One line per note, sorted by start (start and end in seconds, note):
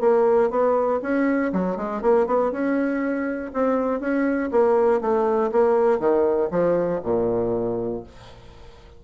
0.00 0.50 A#3
0.50 1.00 B3
1.02 1.52 C#4
1.52 1.77 F#3
1.77 2.02 G#3
2.02 2.27 A#3
2.27 2.52 B3
2.52 3.52 C#4
3.53 4.00 C4
4.00 4.50 C#4
4.51 5.01 A#3
5.01 5.51 A3
5.52 6.00 A#3
6.00 6.50 D#3
6.51 7.01 F3
7.03 8.03 A#2